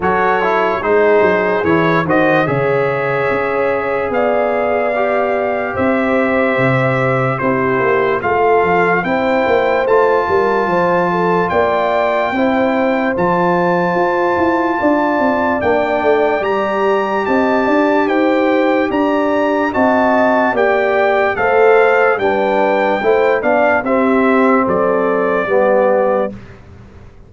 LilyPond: <<
  \new Staff \with { instrumentName = "trumpet" } { \time 4/4 \tempo 4 = 73 cis''4 c''4 cis''8 dis''8 e''4~ | e''4 f''2 e''4~ | e''4 c''4 f''4 g''4 | a''2 g''2 |
a''2. g''4 | ais''4 a''4 g''4 ais''4 | a''4 g''4 f''4 g''4~ | g''8 f''8 e''4 d''2 | }
  \new Staff \with { instrumentName = "horn" } { \time 4/4 a'4 gis'4. c''8 cis''4~ | cis''4 d''2 c''4~ | c''4 g'4 a'4 c''4~ | c''8 ais'8 c''8 a'8 d''4 c''4~ |
c''2 d''2~ | d''4 dis''8 d''8 c''4 d''4 | dis''4 d''4 c''4 b'4 | c''8 d''8 g'4 a'4 g'4 | }
  \new Staff \with { instrumentName = "trombone" } { \time 4/4 fis'8 e'8 dis'4 e'8 fis'8 gis'4~ | gis'2 g'2~ | g'4 e'4 f'4 e'4 | f'2. e'4 |
f'2. d'4 | g'1 | fis'4 g'4 a'4 d'4 | e'8 d'8 c'2 b4 | }
  \new Staff \with { instrumentName = "tuba" } { \time 4/4 fis4 gis8 fis8 e8 dis8 cis4 | cis'4 b2 c'4 | c4 c'8 ais8 a8 f8 c'8 ais8 | a8 g8 f4 ais4 c'4 |
f4 f'8 e'8 d'8 c'8 ais8 a8 | g4 c'8 d'8 dis'4 d'4 | c'4 ais4 a4 g4 | a8 b8 c'4 fis4 g4 | }
>>